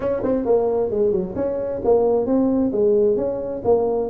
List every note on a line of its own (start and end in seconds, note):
0.00 0.22 C#4
0.23 0.45 C4
0.45 0.90 A#3
0.90 1.11 G#3
1.11 1.34 F#3
1.35 1.81 C#4
1.84 2.26 A#3
2.26 2.71 C4
2.72 3.16 G#3
3.16 3.62 C#4
3.64 4.10 A#3